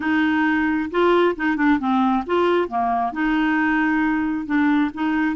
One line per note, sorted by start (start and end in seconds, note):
0.00 0.90 D#4
0.91 1.35 F4
1.36 1.56 D#4
1.56 1.78 D4
1.79 2.23 C4
2.26 2.68 F4
2.68 3.12 A#3
3.12 4.46 D#4
4.46 4.90 D4
4.94 5.35 D#4